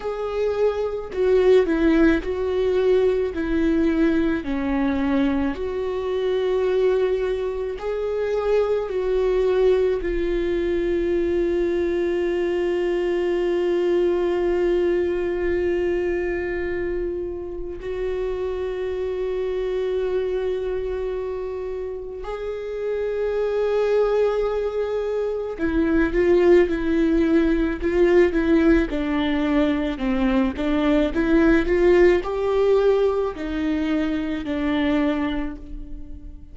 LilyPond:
\new Staff \with { instrumentName = "viola" } { \time 4/4 \tempo 4 = 54 gis'4 fis'8 e'8 fis'4 e'4 | cis'4 fis'2 gis'4 | fis'4 f'2.~ | f'1 |
fis'1 | gis'2. e'8 f'8 | e'4 f'8 e'8 d'4 c'8 d'8 | e'8 f'8 g'4 dis'4 d'4 | }